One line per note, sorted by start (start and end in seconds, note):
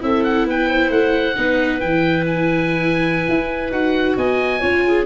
0.00 0.45 C4
0.00 1.34 E4
0.00 0.47 A4
0.00 0.23 E5
0.23 0.46 F#5
0.45 0.89 B3
0.45 0.68 B4
0.45 0.91 G5
0.68 1.35 C5
0.89 1.34 A3
0.89 1.80 F#5
1.35 1.82 B3
1.35 1.79 D#4
1.35 4.17 B4
1.79 3.27 E3
1.79 3.70 E4
1.79 2.24 G5
2.26 3.71 G#5
3.28 3.71 E4
3.71 4.16 D#4
3.71 4.60 F#4
3.71 4.16 F#5
4.16 4.61 B3
4.16 4.59 D#5
4.16 5.05 G#5
4.59 5.05 C#4
4.59 5.05 F4
4.59 4.82 C#5
4.87 5.05 G#4